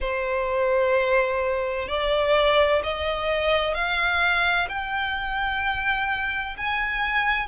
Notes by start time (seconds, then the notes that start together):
0.00 C5
1.88 D5
2.83 D#5
3.74 F5
4.69 G5
6.57 G#5